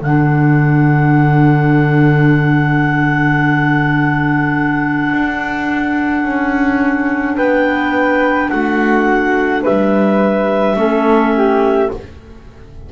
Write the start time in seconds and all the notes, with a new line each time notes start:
0.00 D3 D4 A4 F#5
5.12 D4
6.24 C#4
7.36 B3 B4 G5
8.49 A3 F#4 F#5
9.62 G3 B4 E5
10.76 A3 C#4 A4
11.35 G4